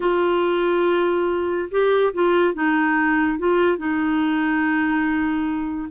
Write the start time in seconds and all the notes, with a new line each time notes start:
0.00 F4
1.71 G4
2.13 F4
2.54 D#4
3.38 F4
3.77 D#4